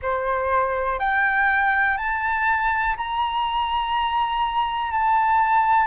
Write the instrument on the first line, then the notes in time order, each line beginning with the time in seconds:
flute
0.02 C5
0.99 G5
1.97 A5
2.96 A#5
4.91 A5